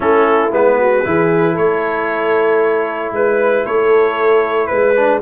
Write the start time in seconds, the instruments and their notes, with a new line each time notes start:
0.00 tuba A3, trombone C#4, horn E4, trumpet A4
0.52 tuba G#3, trombone B3, trumpet B4
0.78 horn F#4
1.04 tuba E3, trombone E4, horn G#4
1.53 tuba A3, horn A4, trumpet C#5
3.12 tuba G#3, horn B4, trumpet B4
3.65 tuba A3, horn A4, trumpet C#5
4.66 tuba G#3, trumpet B4, horn B4
4.96 trombone D4